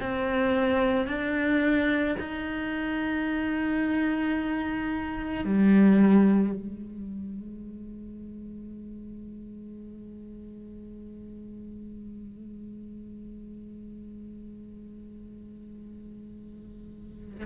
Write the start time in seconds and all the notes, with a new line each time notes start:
0.00 C4
1.07 D4
2.19 D#4
5.44 G3
6.53 G#3